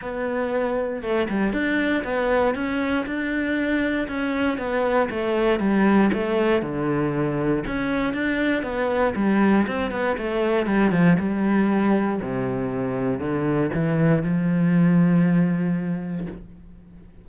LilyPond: \new Staff \with { instrumentName = "cello" } { \time 4/4 \tempo 4 = 118 b2 a8 g8 d'4 | b4 cis'4 d'2 | cis'4 b4 a4 g4 | a4 d2 cis'4 |
d'4 b4 g4 c'8 b8 | a4 g8 f8 g2 | c2 d4 e4 | f1 | }